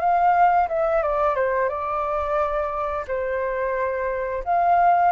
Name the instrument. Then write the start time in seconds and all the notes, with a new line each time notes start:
flute
0.00 F5
0.68 E5
1.03 D5
1.35 C5
1.69 D5
3.08 C5
4.44 F5